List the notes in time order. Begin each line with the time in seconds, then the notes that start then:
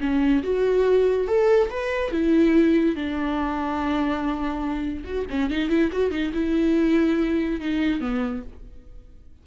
0.00 C#4
0.43 F#4
1.27 A4
1.69 B4
2.11 E4
2.95 D4
5.04 F#4
5.30 C#4
5.50 D#4
5.69 E4
5.92 F#4
6.10 D#4
6.33 E4
7.60 D#4
8.00 B3